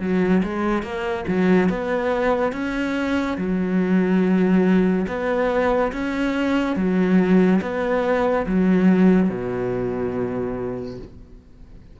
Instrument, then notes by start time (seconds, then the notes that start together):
cello
0.00 F#3
0.43 G#3
0.83 A#3
1.28 F#3
1.69 B3
2.52 C#4
3.38 F#3
5.07 B3
5.92 C#4
6.76 F#3
7.62 B3
8.46 F#3
9.30 B2